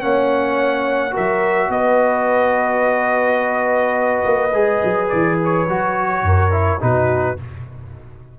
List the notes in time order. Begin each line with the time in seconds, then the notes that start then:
0.00 A#3 C#4 C#5 F#5
1.11 F#4 A#4 E5
1.17 F#3
1.70 B3 B4 D#5
4.25 A#3
4.53 G#3 G#4
4.84 F#3
5.09 E3 D5
5.45 C#5
5.68 F#3 F#4
6.23 F#2 A#4
6.51 E4
6.80 B2 D#4 F#4 B4